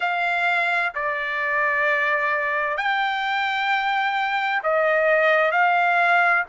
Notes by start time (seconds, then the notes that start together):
0.00 F5
0.94 D5
2.77 G5
4.63 D#5
5.51 F5